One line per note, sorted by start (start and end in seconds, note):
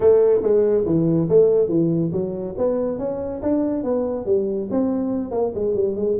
0.00 0.41 A3
0.42 0.85 G#3
0.85 1.28 E3
1.29 1.68 A3
1.68 2.11 E3
2.12 2.54 F#3
2.57 2.98 B3
2.98 3.41 C#4
3.42 3.83 D4
3.83 4.25 B3
4.25 4.68 G3
4.70 5.31 C4
5.31 5.52 A#3
5.54 5.74 G#3
5.74 5.96 G3
5.96 6.17 G#3